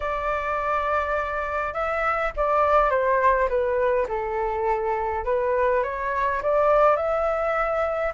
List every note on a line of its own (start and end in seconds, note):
0.00 1.73 D5
1.73 2.31 E5
2.36 2.90 D5
2.90 3.48 C5
3.48 4.06 B4
4.08 5.24 A4
5.24 5.83 B4
5.83 6.41 C#5
6.42 6.96 D5
6.96 8.13 E5